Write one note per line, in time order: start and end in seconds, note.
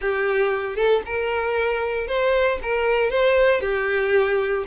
0.01 0.76 G4
0.76 1.02 A4
1.05 2.07 A#4
2.07 2.58 C5
2.62 3.10 A#4
3.10 3.60 C5
3.60 4.64 G4